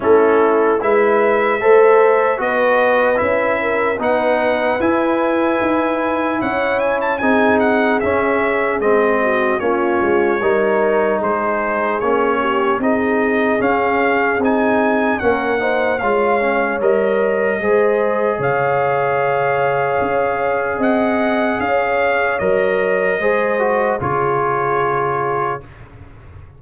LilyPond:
<<
  \new Staff \with { instrumentName = "trumpet" } { \time 4/4 \tempo 4 = 75 a'4 e''2 dis''4 | e''4 fis''4 gis''2 | fis''8 gis''16 a''16 gis''8 fis''8 e''4 dis''4 | cis''2 c''4 cis''4 |
dis''4 f''4 gis''4 fis''4 | f''4 dis''2 f''4~ | f''2 fis''4 f''4 | dis''2 cis''2 | }
  \new Staff \with { instrumentName = "horn" } { \time 4/4 e'4 b'4 c''4 b'4~ | b'8 ais'8 b'2. | cis''4 gis'2~ gis'8 fis'8 | f'4 ais'4 gis'4. g'8 |
gis'2. ais'8 c''8 | cis''2 c''4 cis''4~ | cis''2 dis''4 cis''4~ | cis''4 c''4 gis'2 | }
  \new Staff \with { instrumentName = "trombone" } { \time 4/4 cis'4 e'4 a'4 fis'4 | e'4 dis'4 e'2~ | e'4 dis'4 cis'4 c'4 | cis'4 dis'2 cis'4 |
dis'4 cis'4 dis'4 cis'8 dis'8 | f'8 cis'8 ais'4 gis'2~ | gis'1 | ais'4 gis'8 fis'8 f'2 | }
  \new Staff \with { instrumentName = "tuba" } { \time 4/4 a4 gis4 a4 b4 | cis'4 b4 e'4 dis'4 | cis'4 c'4 cis'4 gis4 | ais8 gis8 g4 gis4 ais4 |
c'4 cis'4 c'4 ais4 | gis4 g4 gis4 cis4~ | cis4 cis'4 c'4 cis'4 | fis4 gis4 cis2 | }
>>